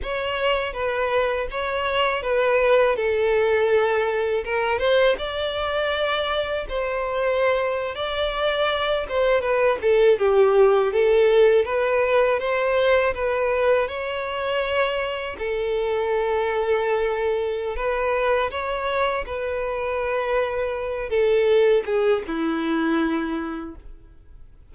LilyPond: \new Staff \with { instrumentName = "violin" } { \time 4/4 \tempo 4 = 81 cis''4 b'4 cis''4 b'4 | a'2 ais'8 c''8 d''4~ | d''4 c''4.~ c''16 d''4~ d''16~ | d''16 c''8 b'8 a'8 g'4 a'4 b'16~ |
b'8. c''4 b'4 cis''4~ cis''16~ | cis''8. a'2.~ a'16 | b'4 cis''4 b'2~ | b'8 a'4 gis'8 e'2 | }